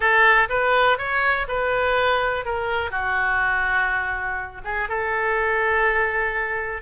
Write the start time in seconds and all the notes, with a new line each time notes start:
0.00 A4
0.49 B4
0.98 C#5
1.48 B4
2.45 A#4
2.90 F#4
4.64 G#4
4.88 A4